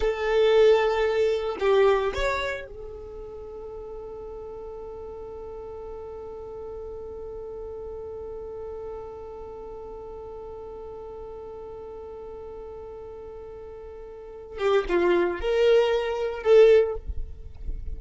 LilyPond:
\new Staff \with { instrumentName = "violin" } { \time 4/4 \tempo 4 = 113 a'2. g'4 | cis''4 a'2.~ | a'1~ | a'1~ |
a'1~ | a'1~ | a'2.~ a'8 g'8 | f'4 ais'2 a'4 | }